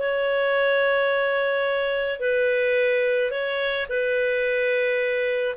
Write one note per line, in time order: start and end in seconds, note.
0.00 2.20 C#5
2.20 3.31 B4
3.31 3.87 C#5
3.90 5.56 B4